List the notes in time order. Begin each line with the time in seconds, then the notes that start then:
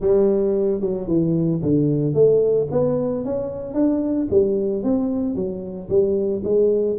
0.00 G3
0.81 F#3
1.07 E3
1.62 D3
2.14 A3
2.71 B3
3.24 C#4
3.74 D4
4.30 G3
4.83 C4
5.35 F#3
5.89 G3
6.43 G#3